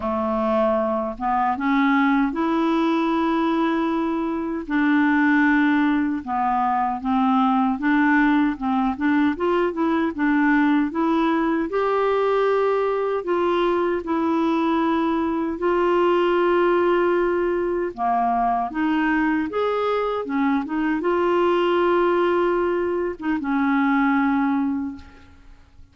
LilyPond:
\new Staff \with { instrumentName = "clarinet" } { \time 4/4 \tempo 4 = 77 a4. b8 cis'4 e'4~ | e'2 d'2 | b4 c'4 d'4 c'8 d'8 | f'8 e'8 d'4 e'4 g'4~ |
g'4 f'4 e'2 | f'2. ais4 | dis'4 gis'4 cis'8 dis'8 f'4~ | f'4.~ f'16 dis'16 cis'2 | }